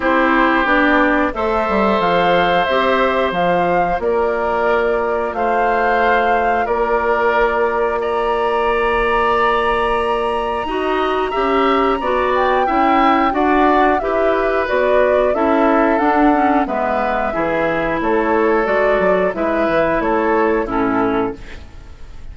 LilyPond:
<<
  \new Staff \with { instrumentName = "flute" } { \time 4/4 \tempo 4 = 90 c''4 d''4 e''4 f''4 | e''4 f''4 d''2 | f''2 d''2 | ais''1~ |
ais''2~ ais''8 g''4. | fis''4 e''4 d''4 e''4 | fis''4 e''2 cis''4 | d''4 e''4 cis''4 a'4 | }
  \new Staff \with { instrumentName = "oboe" } { \time 4/4 g'2 c''2~ | c''2 ais'2 | c''2 ais'2 | d''1 |
dis''4 e''4 d''4 e''4 | d''4 b'2 a'4~ | a'4 b'4 gis'4 a'4~ | a'4 b'4 a'4 e'4 | }
  \new Staff \with { instrumentName = "clarinet" } { \time 4/4 e'4 d'4 a'2 | g'4 f'2.~ | f'1~ | f'1 |
fis'4 g'4 fis'4 e'4 | fis'4 g'4 fis'4 e'4 | d'8 cis'8 b4 e'2 | fis'4 e'2 cis'4 | }
  \new Staff \with { instrumentName = "bassoon" } { \time 4/4 c'4 b4 a8 g8 f4 | c'4 f4 ais2 | a2 ais2~ | ais1 |
dis'4 cis'4 b4 cis'4 | d'4 e'4 b4 cis'4 | d'4 gis4 e4 a4 | gis8 fis8 gis8 e8 a4 a,4 | }
>>